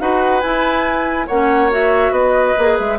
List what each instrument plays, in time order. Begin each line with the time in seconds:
0.00 bassoon D#4, clarinet F#4, oboe B4, flute F#5
0.41 clarinet E4, bassoon E4, flute G#5
1.27 bassoon A#3, clarinet C#4, oboe C#5, flute F#5
1.71 clarinet F#4, flute E5
2.12 bassoon B3, oboe B4, flute D#5
2.58 bassoon A#3, clarinet G#4
2.78 bassoon G#3, flute E5